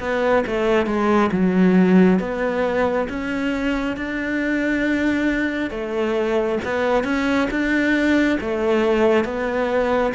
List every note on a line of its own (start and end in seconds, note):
0.00 0.44 B3
0.47 0.86 A3
0.86 1.30 G#3
1.32 2.19 F#3
2.19 3.08 B3
3.09 3.97 C#4
3.97 5.70 D4
5.70 6.59 A3
6.64 7.04 B3
7.04 7.48 C#4
7.50 8.39 D4
8.41 9.24 A3
9.24 10.13 B3